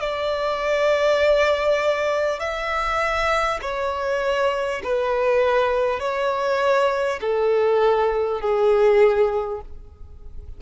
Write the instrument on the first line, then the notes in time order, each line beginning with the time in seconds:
violin
0.00 D5
2.39 E5
3.62 C#5
4.83 B4
5.99 C#5
7.21 A4
8.41 G#4